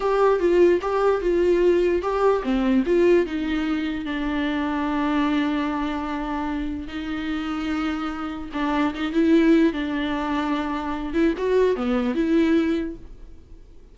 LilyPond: \new Staff \with { instrumentName = "viola" } { \time 4/4 \tempo 4 = 148 g'4 f'4 g'4 f'4~ | f'4 g'4 c'4 f'4 | dis'2 d'2~ | d'1~ |
d'4 dis'2.~ | dis'4 d'4 dis'8 e'4. | d'2.~ d'8 e'8 | fis'4 b4 e'2 | }